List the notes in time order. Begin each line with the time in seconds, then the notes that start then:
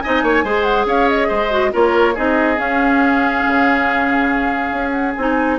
0.00 D#4 D#5 G#5
0.06 C4
0.23 A#3 C#5
0.44 G#3 G#4 C5
0.63 F#5
0.86 C#4 C#5 F5
1.08 D#5
1.28 G#3 C5
1.50 F#4
1.72 A#3 F4 A#4 C#5
2.14 C4 D#4 G#4 D#5
2.56 C#4 F5
3.46 C#3
4.71 C#4
4.91 F#5
5.15 C4 D#4 G#5